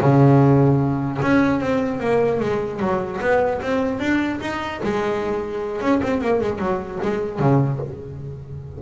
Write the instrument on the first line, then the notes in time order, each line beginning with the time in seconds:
double bass
0.00 C#3
1.22 C#4
1.60 C4
2.00 A#3
2.40 G#3
2.79 F#3
3.20 B3
3.61 C4
3.99 D4
4.41 D#4
4.83 G#3
5.81 C#4
6.03 C4
6.21 A#3
6.41 G#3
6.59 F#3
7.02 G#3
7.39 C#3